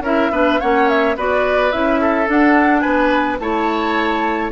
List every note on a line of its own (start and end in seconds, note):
0.00 0.28 C#4
0.00 0.32 E4
0.00 0.31 A#4
0.00 0.61 E5
0.31 0.59 B3
0.31 0.60 D4
0.31 0.60 B4
0.60 1.16 A#3
0.60 1.16 C#4
0.60 1.16 C#5
0.60 0.88 F#5
0.88 1.16 E5
1.16 1.73 B3
1.16 1.72 F#4
1.16 2.01 B4
1.16 1.71 D5
1.71 2.28 C#4
1.71 2.26 E4
1.71 2.28 E5
2.01 2.81 A4
2.26 3.38 D4
2.26 2.84 D4
2.26 2.80 F#5
2.80 3.39 B3
2.80 3.37 B4
2.80 3.36 G#5
3.39 4.51 A3
3.39 4.52 E4
3.39 4.52 C#5
3.39 4.51 A5